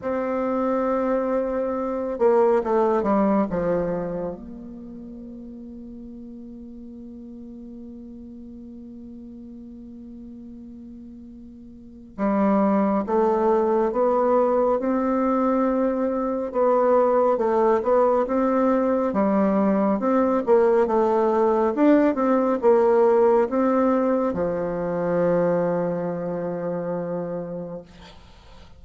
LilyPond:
\new Staff \with { instrumentName = "bassoon" } { \time 4/4 \tempo 4 = 69 c'2~ c'8 ais8 a8 g8 | f4 ais2.~ | ais1~ | ais2 g4 a4 |
b4 c'2 b4 | a8 b8 c'4 g4 c'8 ais8 | a4 d'8 c'8 ais4 c'4 | f1 | }